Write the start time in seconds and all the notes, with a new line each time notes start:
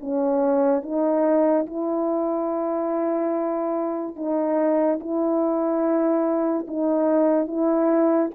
0.00 C#4
0.83 D#4
1.66 E4
4.16 D#4
5.00 E4
6.68 D#4
7.47 E4